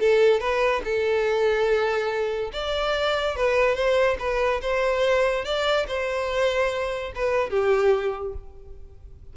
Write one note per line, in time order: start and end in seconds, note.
0.00 0.40 A4
0.40 0.82 B4
0.84 2.51 A4
2.53 3.36 D5
3.36 3.75 B4
3.75 4.17 C5
4.19 4.61 B4
4.62 5.45 C5
5.45 5.87 D5
5.87 7.12 C5
7.15 7.50 B4
7.50 8.33 G4